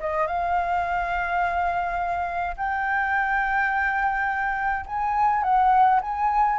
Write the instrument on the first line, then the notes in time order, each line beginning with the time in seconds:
flute
0.00 D#5
0.27 F5
2.57 G5
4.86 G#5
5.43 F#5
6.02 G#5